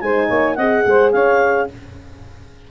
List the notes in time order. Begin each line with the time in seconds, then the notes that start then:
0.00 G#3 D#4 C5 G#5
0.27 A#3 C#5
0.55 C4 G#4 D#5 F#5
0.86 G#3 C5
1.11 C#4 C#5 F5